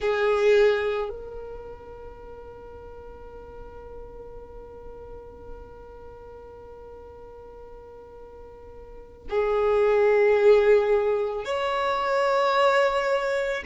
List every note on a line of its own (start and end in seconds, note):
0.00 1.09 G#4
1.09 9.27 A#4
9.29 11.44 G#4
11.44 13.63 C#5